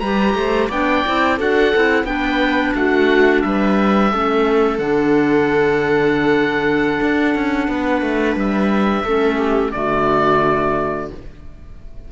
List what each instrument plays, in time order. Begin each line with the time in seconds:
0.00 cello G3, clarinet G4, viola B4, oboe A#5
0.35 cello A3, viola C5
0.68 cello B3, clarinet D4, viola D5, oboe G5
1.06 cello C4, clarinet E4
1.37 cello D4, clarinet F#4, viola A4, oboe F#5
1.75 cello C4, clarinet E4
2.04 cello B3, clarinet D4, viola B4, oboe G5
2.75 cello A3, viola F#4, oboe F#5
3.42 cello G3, viola B4, oboe E5
4.11 cello A3, clarinet C#4, viola A4
4.79 cello D3, clarinet D4, oboe F#5
7.02 cello D4
7.35 cello C#4
7.68 cello B3, viola B4
8.02 cello A3
8.36 cello G3, oboe E5
9.04 cello A3, clarinet C#4, viola A4
9.37 viola G4
9.72 cello D3, clarinet A3, viola F#4, oboe D5